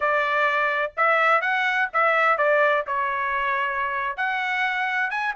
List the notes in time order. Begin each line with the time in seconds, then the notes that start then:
0.00 D5
0.96 E5
1.41 F#5
1.93 E5
2.37 D5
2.86 C#5
4.16 F#5
5.10 G#5